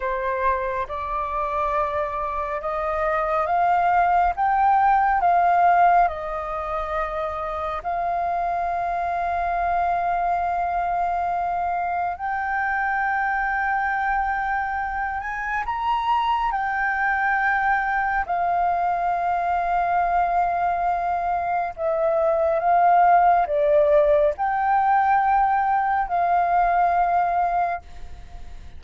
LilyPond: \new Staff \with { instrumentName = "flute" } { \time 4/4 \tempo 4 = 69 c''4 d''2 dis''4 | f''4 g''4 f''4 dis''4~ | dis''4 f''2.~ | f''2 g''2~ |
g''4. gis''8 ais''4 g''4~ | g''4 f''2.~ | f''4 e''4 f''4 d''4 | g''2 f''2 | }